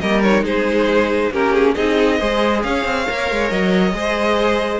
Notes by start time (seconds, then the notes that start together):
0.00 G3 A#3 A#4 D#5
0.22 D#4 C#5
0.43 G#3 G#4 C5
1.32 A#3 C#4 G4 A#4
1.54 G#4
1.75 C4 D#4 G#4 D#5
2.19 G#3 G#4 C5
2.63 C#4 C#5 F5
2.84 C4
3.07 A#3 A#4
3.31 G#3
3.50 F#3 D#5
3.93 G#3 G#4 C5